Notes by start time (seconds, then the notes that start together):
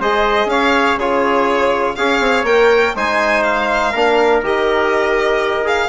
0.00 G#3 G#4 C5 D#5
0.45 C#4 C#5 F5
0.97 C#3 F4 G#4 C#5
1.95 C#4 G#4 C#5 F5
2.20 C4
2.43 A#3 A#4 G5
2.96 G#3 D#4 C5 G#5
3.43 F5
3.92 A#3 D4 A#4
4.43 D#3 G4 D#5
5.64 G#4 F5